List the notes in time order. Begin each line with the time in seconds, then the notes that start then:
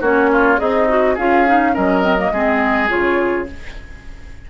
0.00 A#3 C#4 F#4 C#5
0.32 F4
0.57 C4 D#4 G#4 D#5
0.88 F#4
1.14 C#4 F4 G#4 F5
1.46 D#4
1.73 F#3 C#4 A#4 D#5
2.02 C4
2.17 A#3
2.31 G#3 C4 G#4
2.88 C#3 F4 C#5